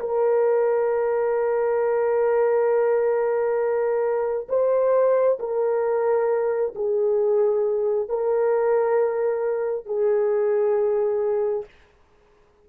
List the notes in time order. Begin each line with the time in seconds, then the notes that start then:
0.00 A#4
4.49 C5
5.39 A#4
6.76 G#4
8.09 A#4
9.86 G#4